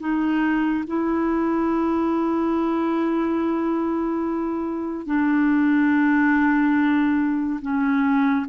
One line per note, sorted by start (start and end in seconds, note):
0.00 0.85 D#4
0.87 5.07 E4
5.07 7.60 D4
7.62 8.46 C#4